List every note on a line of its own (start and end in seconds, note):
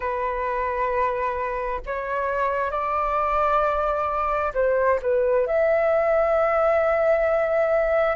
0.00 1.80 B4
1.86 2.70 C#5
2.70 4.52 D5
4.54 4.99 C5
5.02 5.47 B4
5.47 8.16 E5